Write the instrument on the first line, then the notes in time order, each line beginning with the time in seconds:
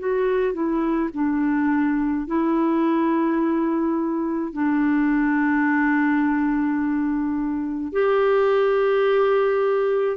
clarinet
0.00 F#4
0.54 E4
1.14 D4
2.27 E4
4.53 D4
7.93 G4